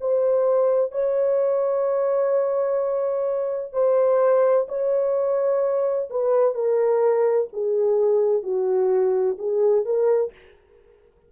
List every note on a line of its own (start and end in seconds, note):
0.00 0.91 C5
0.91 3.72 C#5
3.72 4.66 C5
4.68 6.09 C#5
6.09 6.54 B4
6.54 7.48 A#4
7.53 8.42 G#4
8.42 9.36 F#4
9.38 9.85 G#4
9.85 10.32 A#4